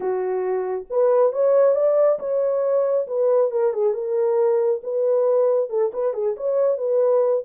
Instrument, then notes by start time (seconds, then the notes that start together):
horn
0.00 F#4
0.90 B4
1.32 C#5
1.75 D5
2.19 C#5
3.07 B4
3.51 A#4
3.73 G#4
3.93 A#4
4.83 B4
5.69 A4
5.93 B4
6.13 G#4
6.36 C#5
6.77 B4